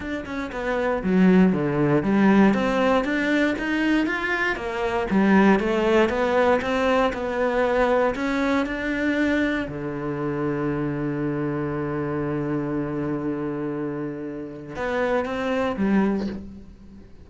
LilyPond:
\new Staff \with { instrumentName = "cello" } { \time 4/4 \tempo 4 = 118 d'8 cis'8 b4 fis4 d4 | g4 c'4 d'4 dis'4 | f'4 ais4 g4 a4 | b4 c'4 b2 |
cis'4 d'2 d4~ | d1~ | d1~ | d4 b4 c'4 g4 | }